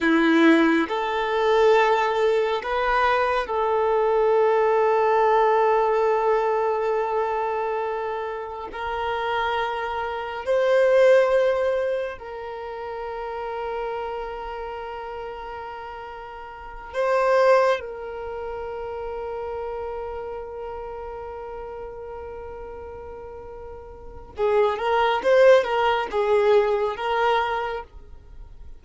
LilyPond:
\new Staff \with { instrumentName = "violin" } { \time 4/4 \tempo 4 = 69 e'4 a'2 b'4 | a'1~ | a'2 ais'2 | c''2 ais'2~ |
ais'2.~ ais'8 c''8~ | c''8 ais'2.~ ais'8~ | ais'1 | gis'8 ais'8 c''8 ais'8 gis'4 ais'4 | }